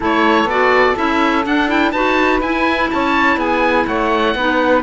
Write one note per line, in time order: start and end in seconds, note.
0.00 0.45 A3
0.00 0.47 E4
0.00 1.92 A4
0.00 0.49 C#5
0.45 0.93 B3
0.45 0.95 F#4
0.45 0.97 D5
0.95 1.45 C#4
0.95 1.44 E4
0.95 1.45 E5
1.44 1.68 D4
1.44 1.92 D4
1.44 1.69 F#5
1.68 1.92 E4
1.68 1.91 G5
1.91 2.40 D#4
1.91 2.42 F#4
1.91 2.89 B4
1.91 2.40 A5
2.40 2.89 E4
2.40 4.36 E4
2.40 2.89 G#5
2.91 3.36 C#4
2.91 3.37 C#5
2.91 3.39 A5
3.36 3.85 B3
3.36 3.86 G#4
3.36 3.87 G#5
3.87 4.35 A3
3.87 4.35 C#5
3.87 4.83 F#5
4.35 4.83 B3
4.35 4.83 D#4
4.35 4.83 B4